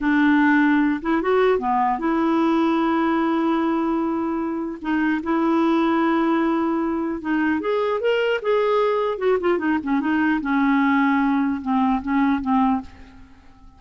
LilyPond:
\new Staff \with { instrumentName = "clarinet" } { \time 4/4 \tempo 4 = 150 d'2~ d'8 e'8 fis'4 | b4 e'2.~ | e'1 | dis'4 e'2.~ |
e'2 dis'4 gis'4 | ais'4 gis'2 fis'8 f'8 | dis'8 cis'8 dis'4 cis'2~ | cis'4 c'4 cis'4 c'4 | }